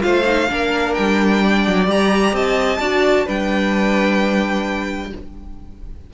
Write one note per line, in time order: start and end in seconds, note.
0.00 0.50 A3
0.00 0.23 F4
0.00 0.50 C5
0.00 0.94 F5
0.25 0.48 D#4
0.49 0.97 A#3
0.49 1.86 D4
0.49 1.43 A#4
0.94 1.67 G3
0.94 1.86 G5
1.43 2.35 D5
1.67 1.87 F#3
1.86 2.32 G3
1.86 2.78 G4
1.86 2.35 A#5
2.32 2.79 C4
2.32 2.80 D#5
2.32 3.28 A5
2.79 3.25 D4
2.79 3.26 F#4
2.79 3.25 D5
3.25 5.12 G3
3.25 5.11 D4
3.25 5.10 B4
3.25 5.13 G5